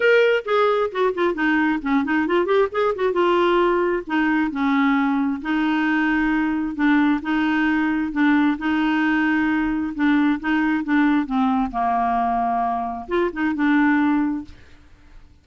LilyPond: \new Staff \with { instrumentName = "clarinet" } { \time 4/4 \tempo 4 = 133 ais'4 gis'4 fis'8 f'8 dis'4 | cis'8 dis'8 f'8 g'8 gis'8 fis'8 f'4~ | f'4 dis'4 cis'2 | dis'2. d'4 |
dis'2 d'4 dis'4~ | dis'2 d'4 dis'4 | d'4 c'4 ais2~ | ais4 f'8 dis'8 d'2 | }